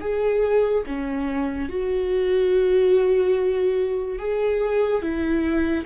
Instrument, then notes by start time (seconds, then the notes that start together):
viola
0.00 G#4
0.86 C#4
1.68 F#4
4.18 G#4
5.02 E4